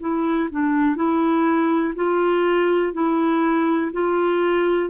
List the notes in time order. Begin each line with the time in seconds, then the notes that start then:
0.00 E4
0.51 D4
0.96 E4
1.95 F4
2.93 E4
3.93 F4